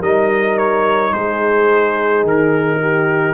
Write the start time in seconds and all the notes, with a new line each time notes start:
0.00 G3 D#4 A#4 D#5
0.58 C#5
1.13 G#3 G#4 C5
2.24 D#3 A#4
2.82 G4